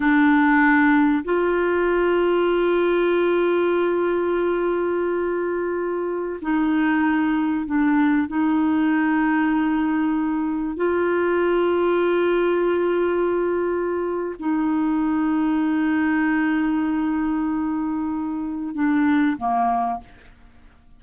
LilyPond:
\new Staff \with { instrumentName = "clarinet" } { \time 4/4 \tempo 4 = 96 d'2 f'2~ | f'1~ | f'2~ f'16 dis'4.~ dis'16~ | dis'16 d'4 dis'2~ dis'8.~ |
dis'4~ dis'16 f'2~ f'8.~ | f'2. dis'4~ | dis'1~ | dis'2 d'4 ais4 | }